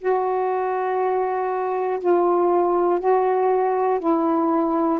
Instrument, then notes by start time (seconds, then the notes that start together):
saxophone
0.00 F#4
2.00 F4
3.00 F#4
4.00 E4